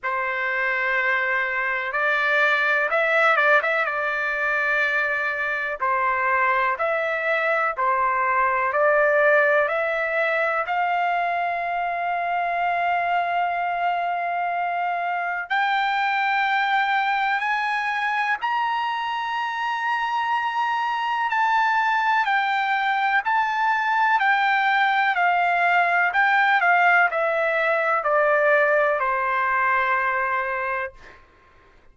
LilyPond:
\new Staff \with { instrumentName = "trumpet" } { \time 4/4 \tempo 4 = 62 c''2 d''4 e''8 d''16 e''16 | d''2 c''4 e''4 | c''4 d''4 e''4 f''4~ | f''1 |
g''2 gis''4 ais''4~ | ais''2 a''4 g''4 | a''4 g''4 f''4 g''8 f''8 | e''4 d''4 c''2 | }